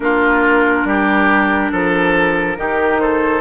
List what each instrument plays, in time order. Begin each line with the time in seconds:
0.00 bassoon A#3, clarinet D4, oboe F4, flute A#4
0.84 bassoon G3, oboe G4
1.71 bassoon F3, oboe A4
2.56 bassoon D#3, clarinet D#4, oboe G4
2.99 oboe A4, flute C5